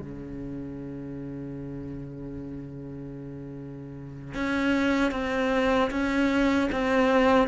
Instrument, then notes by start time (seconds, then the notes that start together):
cello
0.00 C#3
4.34 C#4
5.11 C4
5.90 C#4
6.71 C4